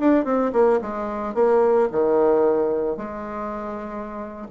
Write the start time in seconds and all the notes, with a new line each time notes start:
0.00 D4
0.25 C4
0.53 A#3
0.82 G#3
1.34 A#3
1.92 D#3
2.97 G#3